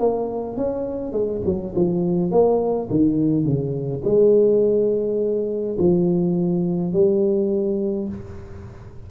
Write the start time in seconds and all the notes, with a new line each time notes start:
0.00 A#3
0.57 C#4
1.13 G#3
1.46 F#3
1.75 F3
2.32 A#3
2.90 D#3
3.45 C#3
4.05 G#3
5.79 F3
6.93 G3